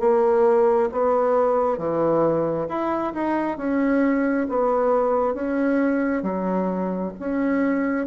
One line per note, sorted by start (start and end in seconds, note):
0.00 0.90 A#3
0.92 1.78 B3
1.78 2.68 E3
2.69 3.14 E4
3.14 3.58 D#4
3.58 4.47 C#4
4.49 5.34 B3
5.34 6.23 C#4
6.23 7.12 F#3
7.20 8.07 C#4